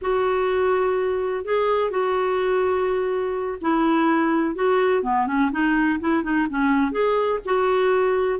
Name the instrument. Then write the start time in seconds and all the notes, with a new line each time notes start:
clarinet
0.01 F#4
1.44 G#4
1.90 F#4
3.61 E4
4.55 F#4
5.02 B3
5.26 C#4
5.51 D#4
6.00 E4
6.23 D#4
6.49 C#4
6.91 G#4
7.45 F#4